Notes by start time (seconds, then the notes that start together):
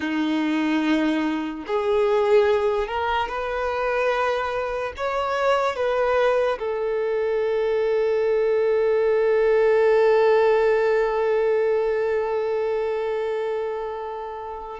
0.00 D#4
1.66 G#4
2.87 A#4
3.28 B4
4.97 C#5
5.76 B4
6.59 A4